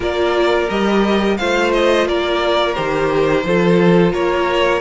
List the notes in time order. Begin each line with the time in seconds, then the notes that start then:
0.00 A#3 F4 A#4 D5
0.69 G3 G4 D#5
1.37 A3 F4 C5 F5
1.73 D#5
2.07 A#3 A#4 D5
2.74 D#3 G4 C5
3.44 F3 F4 A4
4.12 A#3 A#4 C#5